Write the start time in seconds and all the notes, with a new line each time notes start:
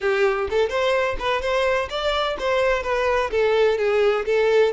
0.01 G4
0.50 A4
0.69 C5
1.19 B4
1.41 C5
1.89 D5
2.39 C5
2.83 B4
3.30 A4
3.78 G#4
4.25 A4